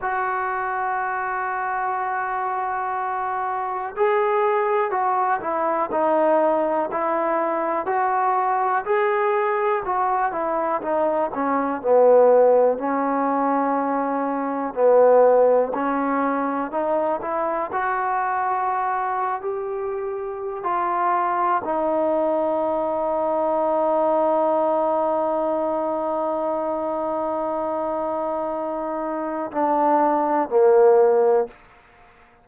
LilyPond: \new Staff \with { instrumentName = "trombone" } { \time 4/4 \tempo 4 = 61 fis'1 | gis'4 fis'8 e'8 dis'4 e'4 | fis'4 gis'4 fis'8 e'8 dis'8 cis'8 | b4 cis'2 b4 |
cis'4 dis'8 e'8 fis'4.~ fis'16 g'16~ | g'4 f'4 dis'2~ | dis'1~ | dis'2 d'4 ais4 | }